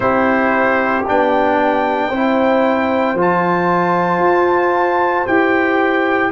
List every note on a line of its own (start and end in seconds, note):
0.00 1.04 C4
0.00 1.04 E4
0.00 2.08 G4
0.00 1.04 C5
1.07 2.10 B3
1.07 2.12 D4
1.07 3.18 G5
2.08 3.14 C4
2.08 3.16 E4
2.08 6.29 C5
3.14 4.18 F3
3.14 5.27 F4
3.20 5.26 A5
4.18 5.23 F4
5.26 6.31 E4
5.26 6.31 G4
5.26 6.31 G5